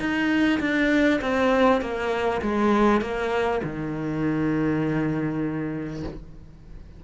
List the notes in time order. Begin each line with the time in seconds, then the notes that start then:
0.00 D#4
0.61 D4
1.21 C4
1.82 A#3
2.42 G#3
3.01 A#3
3.64 D#3